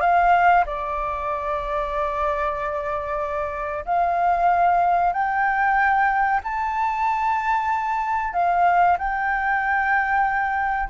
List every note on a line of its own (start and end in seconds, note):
0.00 0.64 F5
0.65 3.84 D5
3.85 5.12 F5
5.12 6.40 G5
6.43 8.33 A5
8.33 8.97 F5
8.97 10.89 G5